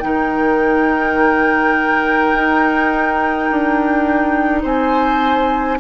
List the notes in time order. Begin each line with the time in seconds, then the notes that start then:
0.00 D#3 D#4 A#4 G5
2.34 D#4
3.51 D4
4.63 C4 C5 G#5